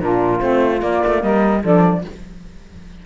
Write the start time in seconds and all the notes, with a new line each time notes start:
0.00 A#2 D4 F4 A#4
0.40 A3 C4 C5
0.79 A#3 D5
1.07 A3
1.22 G3 A#4 D#5
1.61 F3 D4 A4 D5